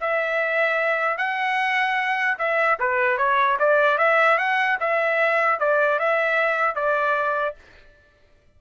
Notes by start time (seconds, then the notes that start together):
0.00 E5
1.17 F#5
2.38 E5
2.79 B4
3.17 C#5
3.59 D5
3.98 E5
4.37 F#5
4.80 E5
5.59 D5
5.99 E5
6.75 D5